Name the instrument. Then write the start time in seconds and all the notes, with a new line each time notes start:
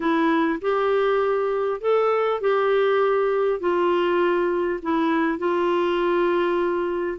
clarinet
0.00 E4
0.61 G4
1.80 A4
2.41 G4
3.60 F4
4.82 E4
5.38 F4